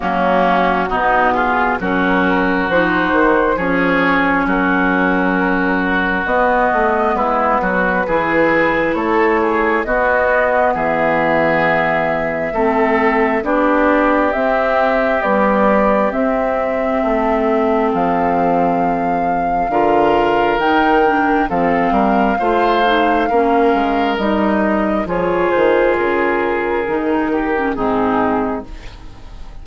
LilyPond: <<
  \new Staff \with { instrumentName = "flute" } { \time 4/4 \tempo 4 = 67 fis'4. gis'8 ais'4 c''4 | cis''4 ais'2 dis''4 | b'2 cis''4 dis''4 | e''2. d''4 |
e''4 d''4 e''2 | f''2. g''4 | f''2. dis''4 | cis''8 c''8 ais'2 gis'4 | }
  \new Staff \with { instrumentName = "oboe" } { \time 4/4 cis'4 dis'8 f'8 fis'2 | gis'4 fis'2. | e'8 fis'8 gis'4 a'8 gis'8 fis'4 | gis'2 a'4 g'4~ |
g'2. a'4~ | a'2 ais'2 | a'8 ais'8 c''4 ais'2 | gis'2~ gis'8 g'8 dis'4 | }
  \new Staff \with { instrumentName = "clarinet" } { \time 4/4 ais4 b4 cis'4 dis'4 | cis'2. b4~ | b4 e'2 b4~ | b2 c'4 d'4 |
c'4 g4 c'2~ | c'2 f'4 dis'8 d'8 | c'4 f'8 dis'8 cis'4 dis'4 | f'2 dis'8. cis'16 c'4 | }
  \new Staff \with { instrumentName = "bassoon" } { \time 4/4 fis4 b,4 fis4 f8 dis8 | f4 fis2 b8 a8 | gis8 fis8 e4 a4 b4 | e2 a4 b4 |
c'4 b4 c'4 a4 | f2 d4 dis4 | f8 g8 a4 ais8 gis8 g4 | f8 dis8 cis4 dis4 gis,4 | }
>>